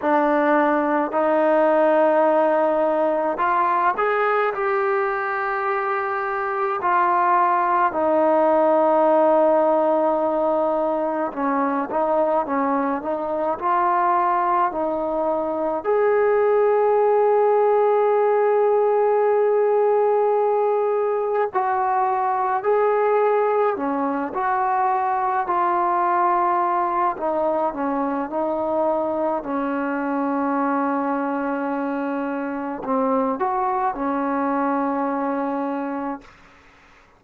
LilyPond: \new Staff \with { instrumentName = "trombone" } { \time 4/4 \tempo 4 = 53 d'4 dis'2 f'8 gis'8 | g'2 f'4 dis'4~ | dis'2 cis'8 dis'8 cis'8 dis'8 | f'4 dis'4 gis'2~ |
gis'2. fis'4 | gis'4 cis'8 fis'4 f'4. | dis'8 cis'8 dis'4 cis'2~ | cis'4 c'8 fis'8 cis'2 | }